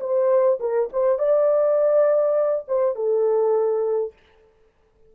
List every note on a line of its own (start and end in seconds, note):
0.00 0.59 C5
0.59 0.89 A#4
0.92 1.18 C5
1.18 2.65 D5
2.67 2.95 C5
2.95 4.13 A4